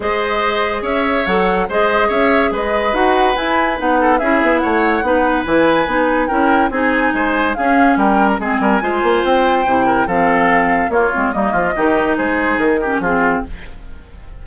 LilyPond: <<
  \new Staff \with { instrumentName = "flute" } { \time 4/4 \tempo 4 = 143 dis''2 e''4 fis''4 | dis''4 e''4 dis''4 fis''4 | gis''4 fis''4 e''4 fis''4~ | fis''4 gis''2 g''4 |
gis''2 f''4 g''8. ais''16 | gis''2 g''2 | f''2 cis''4 dis''4~ | dis''4 c''4 ais'4 gis'4 | }
  \new Staff \with { instrumentName = "oboe" } { \time 4/4 c''2 cis''2 | c''4 cis''4 b'2~ | b'4. a'8 gis'4 cis''4 | b'2. ais'4 |
gis'4 c''4 gis'4 ais'4 | gis'8 ais'8 c''2~ c''8 ais'8 | a'2 f'4 dis'8 f'8 | g'4 gis'4. g'8 f'4 | }
  \new Staff \with { instrumentName = "clarinet" } { \time 4/4 gis'2. a'4 | gis'2. fis'4 | e'4 dis'4 e'2 | dis'4 e'4 dis'4 e'4 |
dis'2 cis'2 | c'4 f'2 e'4 | c'2 ais8 c'8 ais4 | dis'2~ dis'8 cis'8 c'4 | }
  \new Staff \with { instrumentName = "bassoon" } { \time 4/4 gis2 cis'4 fis4 | gis4 cis'4 gis4 dis'4 | e'4 b4 cis'8 b8 a4 | b4 e4 b4 cis'4 |
c'4 gis4 cis'4 g4 | gis8 g8 gis8 ais8 c'4 c4 | f2 ais8 gis8 g8 f8 | dis4 gis4 dis4 f4 | }
>>